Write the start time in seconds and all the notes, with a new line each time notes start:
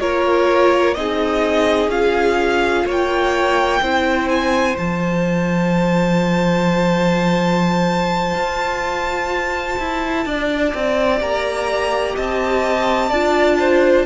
0.00 A#3 F4 A#4 C#5
0.94 C4 D#4 G#4 D#5
1.89 C#4 F4 F5
2.86 A#3 C#5 G5
3.81 C4 E4 C5
4.29 G#5
4.78 F3 F4 A5
8.35 F4
9.79 E4
10.26 D4 D5
10.74 C4
11.20 A#3 G4 A#5
12.16 C4 D#5 A5
13.09 D4 F4 D5
13.59 C5